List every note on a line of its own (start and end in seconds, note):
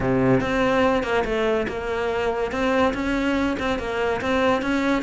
0.00 0.40 C3
0.40 1.03 C4
1.03 1.24 A#3
1.25 1.66 A3
1.68 2.51 A#3
2.51 2.93 C4
2.94 3.57 C#4
3.59 3.79 C4
3.79 4.21 A#3
4.21 4.62 C4
4.62 5.02 C#4